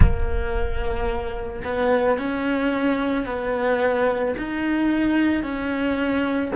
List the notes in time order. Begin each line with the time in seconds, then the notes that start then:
0.00 A#3
1.64 B3
2.18 C#4
3.25 B3
4.37 D#4
5.42 C#4